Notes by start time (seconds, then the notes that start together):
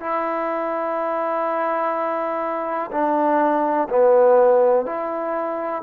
0.00 E4
2.91 D4
3.89 B3
4.86 E4